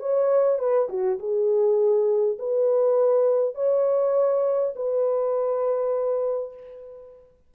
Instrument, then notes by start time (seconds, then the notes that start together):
horn
0.00 C#5
0.59 B4
0.89 F#4
1.20 G#4
2.39 B4
3.55 C#5
4.76 B4